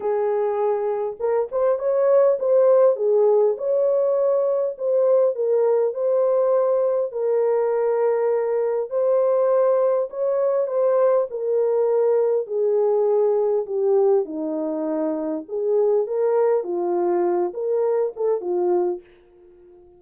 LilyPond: \new Staff \with { instrumentName = "horn" } { \time 4/4 \tempo 4 = 101 gis'2 ais'8 c''8 cis''4 | c''4 gis'4 cis''2 | c''4 ais'4 c''2 | ais'2. c''4~ |
c''4 cis''4 c''4 ais'4~ | ais'4 gis'2 g'4 | dis'2 gis'4 ais'4 | f'4. ais'4 a'8 f'4 | }